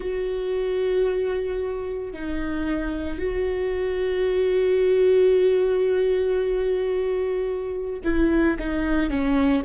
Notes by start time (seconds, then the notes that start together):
0.00 F#4
2.13 D#4
3.18 F#4
8.04 E4
8.59 D#4
9.10 C#4